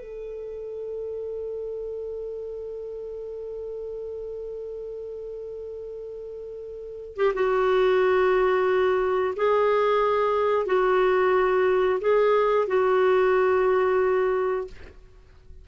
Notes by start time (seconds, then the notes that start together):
0.00 A4
7.16 G4
7.34 F#4
9.36 G#4
10.66 F#4
12.01 G#4
12.67 F#4